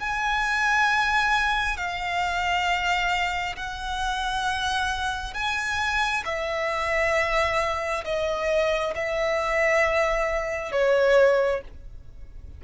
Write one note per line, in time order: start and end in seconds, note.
0.00 1.77 G#5
1.77 3.56 F5
3.57 5.34 F#5
5.34 6.24 G#5
6.25 8.04 E5
8.05 8.94 D#5
8.96 10.72 E5
10.72 11.61 C#5